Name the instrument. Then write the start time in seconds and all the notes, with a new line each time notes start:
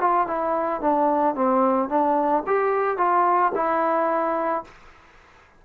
trombone
0.00 F4
0.27 E4
0.81 D4
1.35 C4
1.89 D4
2.46 G4
2.98 F4
3.55 E4